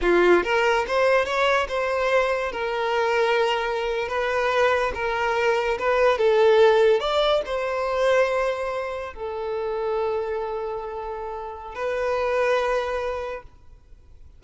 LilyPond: \new Staff \with { instrumentName = "violin" } { \time 4/4 \tempo 4 = 143 f'4 ais'4 c''4 cis''4 | c''2 ais'2~ | ais'4.~ ais'16 b'2 ais'16~ | ais'4.~ ais'16 b'4 a'4~ a'16~ |
a'8. d''4 c''2~ c''16~ | c''4.~ c''16 a'2~ a'16~ | a'1 | b'1 | }